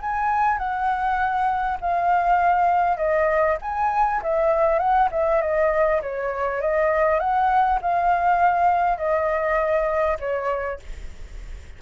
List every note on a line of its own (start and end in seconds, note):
0.00 0.58 G#5
0.58 1.78 F#5
1.80 2.97 F5
2.97 3.57 D#5
3.61 4.21 G#5
4.22 4.78 E5
4.78 5.08 F#5
5.11 5.41 E5
5.41 6.01 D#5
6.02 6.61 C#5
6.61 7.19 D#5
7.19 7.79 F#5
7.81 8.97 F5
8.97 10.17 D#5
10.19 10.79 C#5